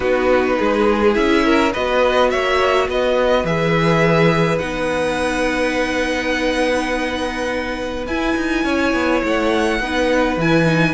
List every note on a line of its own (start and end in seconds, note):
0.00 0.57 B3
0.00 1.13 D#4
0.00 0.58 F#4
0.00 1.14 B4
0.58 1.16 G#3
0.58 1.44 G#4
1.13 1.74 C#4
1.13 1.71 E4
1.13 1.72 E5
1.44 1.72 A#4
1.72 2.33 B3
1.72 3.46 F#4
1.72 2.30 B4
1.72 2.29 D#5
2.29 2.88 A#3
2.29 2.88 C#5
2.29 2.87 E5
2.88 3.44 B3
2.88 8.65 B4
2.88 3.46 D#5
3.44 4.59 E3
3.44 4.59 G#4
3.44 4.58 E5
4.58 8.06 B3
4.58 8.05 D#4
4.58 8.04 F#5
8.06 8.35 E4
8.06 9.81 E4
8.06 9.22 G#5
8.36 8.64 D#4
8.64 8.93 C#4
8.64 9.80 C#5
8.93 9.22 B3
9.24 9.80 A3
9.24 10.40 F#5
9.80 10.37 B3
9.80 10.39 D#4
9.80 10.94 B4
10.37 10.94 E3
10.37 10.65 E4
10.37 10.94 G#5
10.65 10.94 D#4